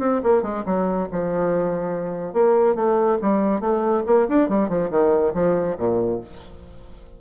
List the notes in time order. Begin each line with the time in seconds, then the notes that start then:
0.00 C4
0.23 A#3
0.43 G#3
0.66 F#3
1.12 F3
2.33 A#3
2.75 A3
3.22 G3
3.61 A3
4.07 A#3
4.29 D4
4.49 G3
4.69 F3
4.91 D#3
5.34 F3
5.78 A#2